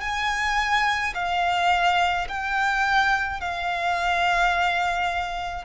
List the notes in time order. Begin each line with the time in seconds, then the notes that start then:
0.00 G#5
1.14 F5
2.28 G5
3.40 F5